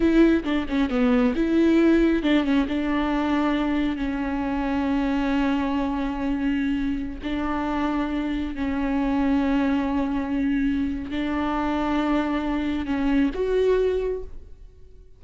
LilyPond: \new Staff \with { instrumentName = "viola" } { \time 4/4 \tempo 4 = 135 e'4 d'8 cis'8 b4 e'4~ | e'4 d'8 cis'8 d'2~ | d'4 cis'2.~ | cis'1~ |
cis'16 d'2. cis'8.~ | cis'1~ | cis'4 d'2.~ | d'4 cis'4 fis'2 | }